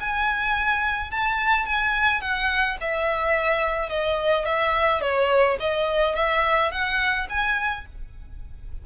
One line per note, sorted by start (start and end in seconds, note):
0.00 1.11 G#5
1.11 1.65 A5
1.65 2.21 G#5
2.21 2.77 F#5
2.80 3.89 E5
3.89 4.45 D#5
4.45 5.01 E5
5.01 5.57 C#5
5.59 6.15 D#5
6.15 6.71 E5
6.71 7.27 F#5
7.29 7.85 G#5